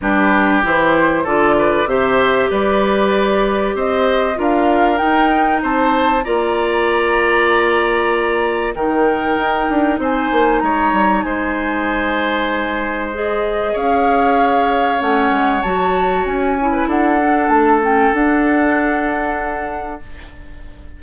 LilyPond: <<
  \new Staff \with { instrumentName = "flute" } { \time 4/4 \tempo 4 = 96 b'4 c''4 d''4 e''4 | d''2 dis''4 f''4 | g''4 a''4 ais''2~ | ais''2 g''2 |
gis''4 ais''4 gis''2~ | gis''4 dis''4 f''2 | fis''4 a''4 gis''4 fis''4 | a''8 g''8 fis''2. | }
  \new Staff \with { instrumentName = "oboe" } { \time 4/4 g'2 a'8 b'8 c''4 | b'2 c''4 ais'4~ | ais'4 c''4 d''2~ | d''2 ais'2 |
c''4 cis''4 c''2~ | c''2 cis''2~ | cis''2~ cis''8. b'16 a'4~ | a'1 | }
  \new Staff \with { instrumentName = "clarinet" } { \time 4/4 d'4 e'4 f'4 g'4~ | g'2. f'4 | dis'2 f'2~ | f'2 dis'2~ |
dis'1~ | dis'4 gis'2. | cis'4 fis'4. e'4 d'8~ | d'8 cis'8 d'2. | }
  \new Staff \with { instrumentName = "bassoon" } { \time 4/4 g4 e4 d4 c4 | g2 c'4 d'4 | dis'4 c'4 ais2~ | ais2 dis4 dis'8 d'8 |
c'8 ais8 gis8 g8 gis2~ | gis2 cis'2 | a8 gis8 fis4 cis'4 d'4 | a4 d'2. | }
>>